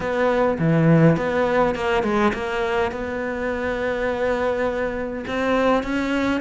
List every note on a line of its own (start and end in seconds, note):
0.00 0.58 B3
0.58 1.17 E3
1.17 1.75 B3
1.75 2.03 A#3
2.03 2.32 G#3
2.33 2.91 A#3
2.91 5.24 B3
5.27 5.83 C4
5.83 6.41 C#4